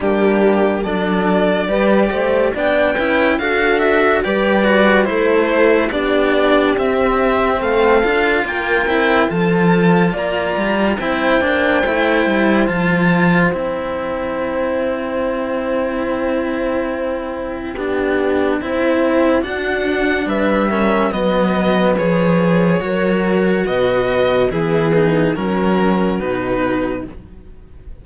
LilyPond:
<<
  \new Staff \with { instrumentName = "violin" } { \time 4/4 \tempo 4 = 71 g'4 d''2 g''4 | f''8 e''8 d''4 c''4 d''4 | e''4 f''4 g''4 a''4 | ais''4 g''2 a''4 |
g''1~ | g''2. fis''4 | e''4 dis''4 cis''2 | dis''4 gis'4 ais'4 b'4 | }
  \new Staff \with { instrumentName = "horn" } { \time 4/4 d'4 a'4 b'8 c''8 d''8 b'8 | a'4 b'4 a'4 g'4~ | g'4 a'4 ais'4 a'4 | d''4 c''2.~ |
c''1~ | c''4 g'4 c''4 fis'4 | b'8 ais'8 b'2 ais'4 | b'4 b4 fis'2 | }
  \new Staff \with { instrumentName = "cello" } { \time 4/4 ais4 d'4 g'4 d'8 e'8 | fis'4 g'8 fis'8 e'4 d'4 | c'4. f'4 e'8 f'4~ | f'4 e'8 d'8 e'4 f'4 |
e'1~ | e'4 d'4 e'4 d'4~ | d'8 cis'8 b4 gis'4 fis'4~ | fis'4 e'8 dis'8 cis'4 dis'4 | }
  \new Staff \with { instrumentName = "cello" } { \time 4/4 g4 fis4 g8 a8 b8 cis'8 | d'4 g4 a4 b4 | c'4 a8 d'8 ais8 c'8 f4 | ais8 g8 c'8 ais8 a8 g8 f4 |
c'1~ | c'4 b4 c'4 d'4 | g4 fis4 f4 fis4 | b,4 e4 fis4 b,4 | }
>>